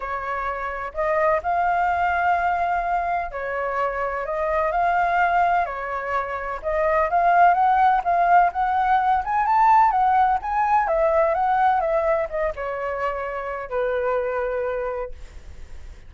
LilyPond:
\new Staff \with { instrumentName = "flute" } { \time 4/4 \tempo 4 = 127 cis''2 dis''4 f''4~ | f''2. cis''4~ | cis''4 dis''4 f''2 | cis''2 dis''4 f''4 |
fis''4 f''4 fis''4. gis''8 | a''4 fis''4 gis''4 e''4 | fis''4 e''4 dis''8 cis''4.~ | cis''4 b'2. | }